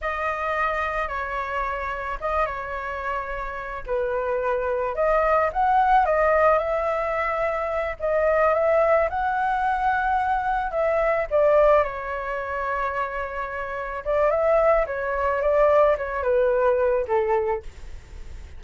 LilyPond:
\new Staff \with { instrumentName = "flute" } { \time 4/4 \tempo 4 = 109 dis''2 cis''2 | dis''8 cis''2~ cis''8 b'4~ | b'4 dis''4 fis''4 dis''4 | e''2~ e''8 dis''4 e''8~ |
e''8 fis''2. e''8~ | e''8 d''4 cis''2~ cis''8~ | cis''4. d''8 e''4 cis''4 | d''4 cis''8 b'4. a'4 | }